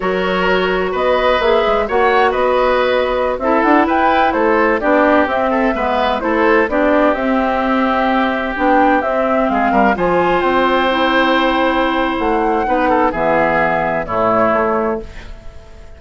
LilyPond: <<
  \new Staff \with { instrumentName = "flute" } { \time 4/4 \tempo 4 = 128 cis''2 dis''4 e''4 | fis''4 dis''2~ dis''16 e''8 fis''16~ | fis''16 g''4 c''4 d''4 e''8.~ | e''4~ e''16 c''4 d''4 e''8.~ |
e''2~ e''16 g''4 e''8.~ | e''16 f''4 gis''4 g''4.~ g''16~ | g''2 fis''2 | e''2 cis''2 | }
  \new Staff \with { instrumentName = "oboe" } { \time 4/4 ais'2 b'2 | cis''4 b'2~ b'16 a'8.~ | a'16 b'4 a'4 g'4. a'16~ | a'16 b'4 a'4 g'4.~ g'16~ |
g'1~ | g'16 gis'8 ais'8 c''2~ c''8.~ | c''2. b'8 a'8 | gis'2 e'2 | }
  \new Staff \with { instrumentName = "clarinet" } { \time 4/4 fis'2. gis'4 | fis'2.~ fis'16 e'8.~ | e'2~ e'16 d'4 c'8.~ | c'16 b4 e'4 d'4 c'8.~ |
c'2~ c'16 d'4 c'8.~ | c'4~ c'16 f'2 e'8.~ | e'2. dis'4 | b2 a2 | }
  \new Staff \with { instrumentName = "bassoon" } { \time 4/4 fis2 b4 ais8 gis8 | ais4 b2~ b16 c'8 d'16~ | d'16 e'4 a4 b4 c'8.~ | c'16 gis4 a4 b4 c'8.~ |
c'2~ c'16 b4 c'8.~ | c'16 gis8 g8 f4 c'4.~ c'16~ | c'2 a4 b4 | e2 a,4 a4 | }
>>